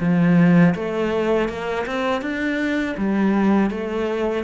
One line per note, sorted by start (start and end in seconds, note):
0.00 0.74 F3
0.75 1.48 A3
1.48 1.86 A#3
1.86 2.21 C4
2.21 2.95 D4
2.97 3.70 G3
3.70 4.44 A3